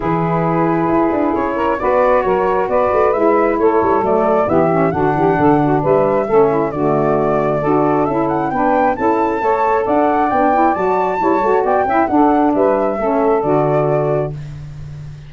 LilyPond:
<<
  \new Staff \with { instrumentName = "flute" } { \time 4/4 \tempo 4 = 134 b'2. cis''4 | d''4 cis''4 d''4 e''4 | cis''4 d''4 e''4 fis''4~ | fis''4 e''2 d''4~ |
d''2 e''8 fis''8 g''4 | a''2 fis''4 g''4 | a''2 g''4 fis''4 | e''2 d''2 | }
  \new Staff \with { instrumentName = "saxophone" } { \time 4/4 gis'2.~ gis'8 ais'8 | b'4 ais'4 b'2 | a'2 g'4 fis'8 g'8 | a'8 fis'8 b'4 a'8 e'8 fis'4~ |
fis'4 a'2 b'4 | a'4 cis''4 d''2~ | d''4 cis''4 d''8 e''8 a'4 | b'4 a'2. | }
  \new Staff \with { instrumentName = "saxophone" } { \time 4/4 e'1 | fis'2. e'4~ | e'4 a4 b8 cis'8 d'4~ | d'2 cis'4 a4~ |
a4 fis'4 e'4 d'4 | e'4 a'2 d'8 e'8 | fis'4 e'8 fis'4 e'8 d'4~ | d'4 cis'4 fis'2 | }
  \new Staff \with { instrumentName = "tuba" } { \time 4/4 e2 e'8 d'8 cis'4 | b4 fis4 b8 a8 gis4 | a8 g8 fis4 e4 d8 e8 | d4 g4 a4 d4~ |
d4 d'4 cis'4 b4 | cis'4 a4 d'4 b4 | fis4 g8 a8 b8 cis'8 d'4 | g4 a4 d2 | }
>>